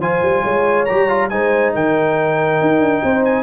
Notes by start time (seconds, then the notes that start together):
0.00 F3 F4 C5 G#5
0.22 G3
0.43 G#3 C#5
0.85 G3 G4 A#5
1.09 F4
1.30 G#3 D#4 C5 G#5
1.75 D#3 A#4 G5
2.61 D#4
2.80 D4
3.04 C4 C5
3.25 G#5